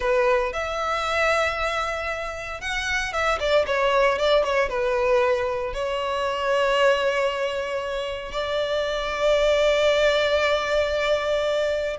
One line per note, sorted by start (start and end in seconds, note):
0.00 0.52 B4
0.52 2.60 E5
2.60 3.12 F#5
3.13 3.39 E5
3.39 3.65 D5
3.66 4.18 C#5
4.18 4.43 D5
4.43 4.69 C#5
4.69 5.73 B4
5.73 8.32 C#5
8.32 11.97 D5